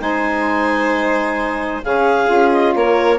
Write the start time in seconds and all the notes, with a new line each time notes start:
0.00 G#3 D#4 C5 G#5
1.83 C#3 C#4 G#4 F5
2.25 C#4 F4
2.52 D#5
2.75 A#3 A#4 C#5